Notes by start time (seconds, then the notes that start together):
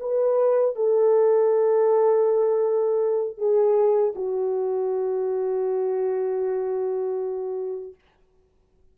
0.00 B4
0.75 A4
3.37 G#4
4.15 F#4